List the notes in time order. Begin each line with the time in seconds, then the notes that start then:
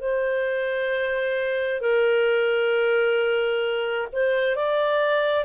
0.00 C5
1.81 A#4
4.12 C5
4.55 D5